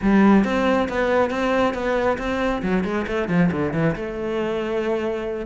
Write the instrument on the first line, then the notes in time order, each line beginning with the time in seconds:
cello
0.02 G3
0.44 C4
0.88 B3
1.30 C4
1.74 B3
2.18 C4
2.62 F#3
2.84 G#3
3.07 A3
3.28 F3
3.51 D3
3.73 E3
3.95 A3